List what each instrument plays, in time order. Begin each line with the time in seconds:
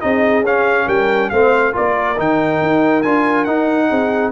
0.00 tuba C4, trombone D#4, horn G#4, trumpet D#5
0.42 tuba C#4, trombone C#4, trumpet F5
0.86 tuba G3, horn A#4, trumpet G5
1.29 tuba A3, trombone C4, horn C5, trumpet F5
1.72 tuba A#3, trombone F4, horn A#4, trumpet D5
2.17 tuba D#3, trombone D#4, trumpet G5
2.61 tuba D#4
3.02 tuba D4, trombone F4, trumpet G#5
3.44 tuba D#4, trombone D#4, trumpet F#5
3.89 tuba C4, horn G#4